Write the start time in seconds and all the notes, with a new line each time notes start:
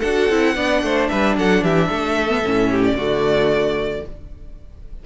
0.00 D4 F#4 A4 F#5
0.30 C4 E4
0.55 B3 D4 D5
0.83 A3 C5
1.09 G3 B4 E5
1.37 F#3 A4 F#5
1.62 E3 G4 E5
1.89 A3 A4
2.29 B3
2.45 A2 C#4
2.70 G4
2.85 D5
2.94 D3 A3 F#4